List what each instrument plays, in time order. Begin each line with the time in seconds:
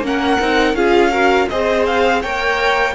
0.00 cello A#3, viola C#4, violin F#5
0.06 violin A#4
0.40 cello C4, viola D#4
0.73 cello C#4, viola F4, violin G#4 F5
1.11 viola F#4, violin A#4
1.49 cello C4, viola G#4, violin C5 D#5
1.86 violin F5
2.21 cello A#3, viola A#4, violin C#5 G5